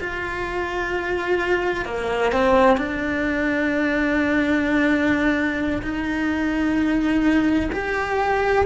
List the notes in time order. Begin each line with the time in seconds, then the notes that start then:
0.00 F4
1.85 A#3
2.31 C4
2.77 D4
5.82 D#4
7.71 G4